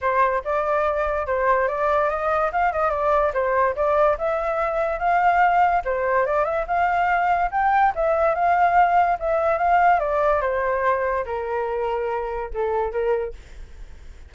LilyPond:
\new Staff \with { instrumentName = "flute" } { \time 4/4 \tempo 4 = 144 c''4 d''2 c''4 | d''4 dis''4 f''8 dis''8 d''4 | c''4 d''4 e''2 | f''2 c''4 d''8 e''8 |
f''2 g''4 e''4 | f''2 e''4 f''4 | d''4 c''2 ais'4~ | ais'2 a'4 ais'4 | }